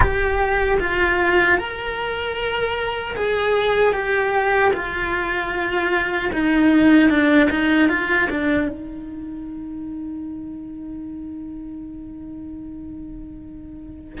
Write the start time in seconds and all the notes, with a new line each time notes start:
0.00 G4
0.79 F4
1.58 A#4
3.16 G#4
3.93 G4
4.73 F4
6.32 D#4
7.09 D4
7.50 D#4
7.88 F4
8.30 D4
8.68 D#4